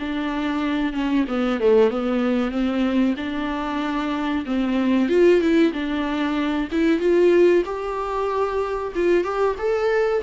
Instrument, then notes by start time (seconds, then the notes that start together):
viola
0.00 D4
0.93 C#4
1.29 B3
1.60 A3
1.91 B3
2.51 C4
3.17 D4
4.46 C4
5.09 F4
5.41 E4
5.73 D4
6.72 E4
7.00 F4
7.65 G4
8.95 F4
9.24 G4
9.59 A4